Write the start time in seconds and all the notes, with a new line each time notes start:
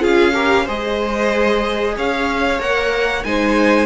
0.00 C#4 F4 G#4 F5
0.34 G4 A#4
0.65 G#3 G#4 C5 D#5
1.97 C#4 C#5 F5
2.59 A#3 A#4 F#5
3.24 G#3 D#4 C5 G#5